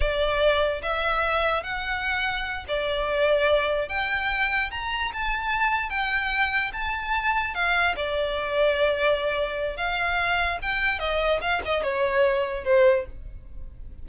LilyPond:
\new Staff \with { instrumentName = "violin" } { \time 4/4 \tempo 4 = 147 d''2 e''2 | fis''2~ fis''8 d''4.~ | d''4. g''2 ais''8~ | ais''8 a''2 g''4.~ |
g''8 a''2 f''4 d''8~ | d''1 | f''2 g''4 dis''4 | f''8 dis''8 cis''2 c''4 | }